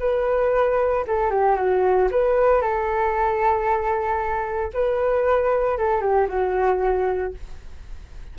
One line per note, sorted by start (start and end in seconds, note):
0.00 1.05 B4
1.07 1.31 A4
1.31 1.56 G4
1.56 2.09 F#4
2.11 2.62 B4
2.62 4.72 A4
4.74 5.78 B4
5.78 6.01 A4
6.01 6.28 G4
6.28 7.34 F#4